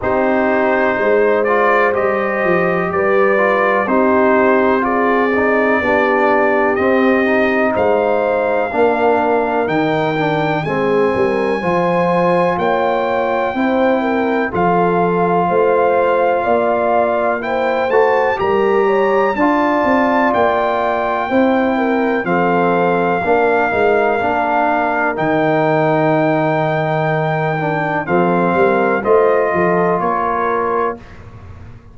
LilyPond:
<<
  \new Staff \with { instrumentName = "trumpet" } { \time 4/4 \tempo 4 = 62 c''4. d''8 dis''4 d''4 | c''4 d''2 dis''4 | f''2 g''4 gis''4~ | gis''4 g''2 f''4~ |
f''2 g''8 a''8 ais''4 | a''4 g''2 f''4~ | f''2 g''2~ | g''4 f''4 dis''4 cis''4 | }
  \new Staff \with { instrumentName = "horn" } { \time 4/4 g'4 c''2 b'4 | g'4 gis'4 g'2 | c''4 ais'2 gis'8 ais'8 | c''4 cis''4 c''8 ais'8 a'4 |
c''4 d''4 c''4 ais'8 cis''8 | d''2 c''8 ais'8 a'4 | ais'1~ | ais'4 a'8 ais'8 c''8 a'8 ais'4 | }
  \new Staff \with { instrumentName = "trombone" } { \time 4/4 dis'4. f'8 g'4. f'8 | dis'4 f'8 dis'8 d'4 c'8 dis'8~ | dis'4 d'4 dis'8 d'8 c'4 | f'2 e'4 f'4~ |
f'2 e'8 fis'8 g'4 | f'2 e'4 c'4 | d'8 dis'8 d'4 dis'2~ | dis'8 d'8 c'4 f'2 | }
  \new Staff \with { instrumentName = "tuba" } { \time 4/4 c'4 gis4 g8 f8 g4 | c'2 b4 c'4 | gis4 ais4 dis4 gis8 g8 | f4 ais4 c'4 f4 |
a4 ais4. a8 g4 | d'8 c'8 ais4 c'4 f4 | ais8 gis8 ais4 dis2~ | dis4 f8 g8 a8 f8 ais4 | }
>>